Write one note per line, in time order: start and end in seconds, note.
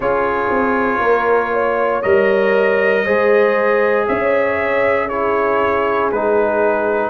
0.00 0.49 C#4
0.00 2.03 F4
0.00 1.01 G#4
0.00 2.02 C#5
0.49 0.99 C4
0.99 2.01 A#3
0.99 1.51 A#4
1.53 3.04 C#5
2.02 3.06 G3
2.02 3.05 A#4
2.02 4.05 D#5
3.04 4.07 G#3
3.04 5.09 G#4
3.04 4.06 C5
4.07 6.12 C#4
4.07 5.08 C#5
4.07 5.08 E5
5.08 6.12 E4
5.08 7.10 G#4
5.08 6.10 C#5
6.11 7.10 G#3
6.11 7.10 D#4
6.11 7.10 B4